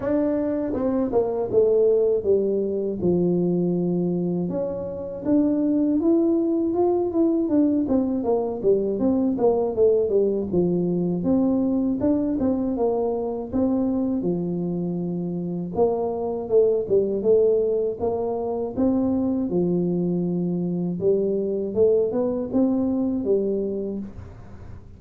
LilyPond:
\new Staff \with { instrumentName = "tuba" } { \time 4/4 \tempo 4 = 80 d'4 c'8 ais8 a4 g4 | f2 cis'4 d'4 | e'4 f'8 e'8 d'8 c'8 ais8 g8 | c'8 ais8 a8 g8 f4 c'4 |
d'8 c'8 ais4 c'4 f4~ | f4 ais4 a8 g8 a4 | ais4 c'4 f2 | g4 a8 b8 c'4 g4 | }